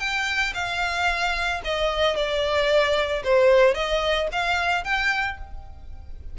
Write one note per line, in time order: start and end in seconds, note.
0.00 0.54 G5
0.54 1.61 F5
1.65 2.16 D#5
2.16 3.23 D5
3.25 3.75 C5
3.75 4.29 D#5
4.32 4.84 F5
4.84 5.38 G5